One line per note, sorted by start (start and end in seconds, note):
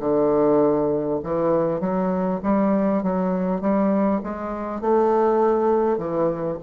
0.00 1.20 D3
1.24 1.81 E3
1.81 2.41 F#3
2.43 3.03 G3
3.03 3.62 F#3
3.62 4.22 G3
4.24 4.81 G#3
4.81 5.98 A3
5.98 6.58 E3